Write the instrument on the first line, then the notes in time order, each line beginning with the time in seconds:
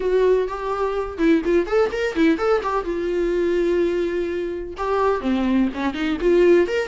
viola
0.00 F#4
0.48 G4
1.18 E4
1.45 F4
1.66 A4
1.91 A#4
2.15 E4
2.37 A4
2.62 G4
2.84 F4
4.77 G4
5.20 C4
5.73 C#4
5.94 D#4
6.20 F4
6.67 A#4